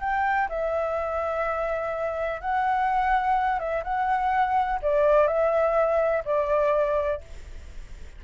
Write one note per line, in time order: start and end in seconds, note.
0.00 0.48 G5
0.49 2.41 E5
2.41 3.59 F#5
3.59 3.83 E5
3.84 4.80 F#5
4.82 5.27 D5
5.27 6.23 E5
6.25 7.21 D5